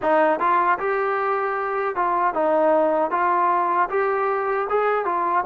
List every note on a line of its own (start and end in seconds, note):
0.01 0.39 D#4
0.39 0.78 F4
0.79 1.95 G4
1.95 2.33 F4
2.33 3.10 D#4
3.10 3.88 F4
3.89 4.67 G4
4.69 5.05 G#4
5.05 5.44 F4